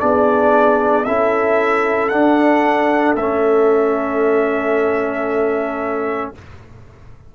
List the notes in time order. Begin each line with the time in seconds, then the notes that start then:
0.00 B3 D4 G#4 D5
1.05 C#4 E4 A4 E5
2.09 D4 F#5
3.16 A3 C#4 E5